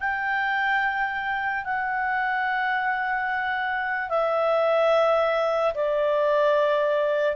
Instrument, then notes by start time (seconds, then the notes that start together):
clarinet
0.00 G5
1.65 F#5
4.09 E5
5.75 D5